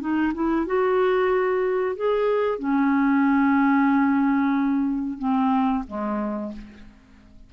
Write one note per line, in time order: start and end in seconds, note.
0.00 0.33 D#4
0.34 0.66 E4
0.66 1.96 F#4
1.96 2.59 G#4
2.59 5.18 C#4
5.18 5.84 C4
5.87 6.52 G#3